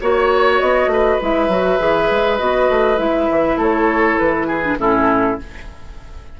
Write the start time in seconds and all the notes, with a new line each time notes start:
0.00 A#3 F#4 C#5
0.60 B3 D#5
0.86 A3 B4
1.21 G#3 E4 E5
1.48 F#3 F#4
1.78 E3 G#4
2.10 G#3
2.38 B3 F#4 D#5
2.69 A3
2.96 G#3 E4 E5
3.30 E3
3.56 A3 A4 C#5
4.18 E3 B4
4.47 G#4
4.62 D4
4.78 A2 C#4 E4 A4